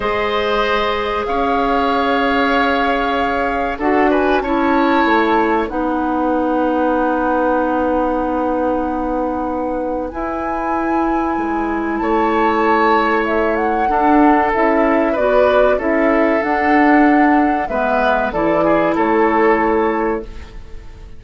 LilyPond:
<<
  \new Staff \with { instrumentName = "flute" } { \time 4/4 \tempo 4 = 95 dis''2 f''2~ | f''2 fis''8 gis''8 a''4~ | a''4 fis''2.~ | fis''1 |
gis''2. a''4~ | a''4 e''8 fis''4. e''4 | d''4 e''4 fis''2 | e''4 d''4 cis''2 | }
  \new Staff \with { instrumentName = "oboe" } { \time 4/4 c''2 cis''2~ | cis''2 a'8 b'8 cis''4~ | cis''4 b'2.~ | b'1~ |
b'2. cis''4~ | cis''2 a'2 | b'4 a'2. | b'4 a'8 gis'8 a'2 | }
  \new Staff \with { instrumentName = "clarinet" } { \time 4/4 gis'1~ | gis'2 fis'4 e'4~ | e'4 dis'2.~ | dis'1 |
e'1~ | e'2 d'4 e'4 | fis'4 e'4 d'2 | b4 e'2. | }
  \new Staff \with { instrumentName = "bassoon" } { \time 4/4 gis2 cis'2~ | cis'2 d'4 cis'4 | a4 b2.~ | b1 |
e'2 gis4 a4~ | a2 d'4 cis'4 | b4 cis'4 d'2 | gis4 e4 a2 | }
>>